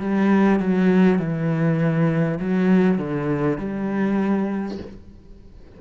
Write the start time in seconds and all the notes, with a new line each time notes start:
0.00 G3
0.59 F#3
1.18 E3
2.39 F#3
2.98 D3
3.57 G3